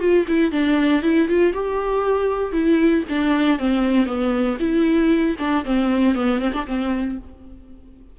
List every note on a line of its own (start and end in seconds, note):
0.00 0.26 F4
0.28 0.52 E4
0.52 1.03 D4
1.03 1.28 E4
1.29 1.54 F4
1.54 2.53 G4
2.53 3.04 E4
3.09 3.59 D4
3.59 4.06 C4
4.06 4.57 B3
4.60 5.37 E4
5.39 5.65 D4
5.65 6.15 C4
6.15 6.40 B3
6.40 6.52 C4
6.54 6.66 D4
6.67 7.18 C4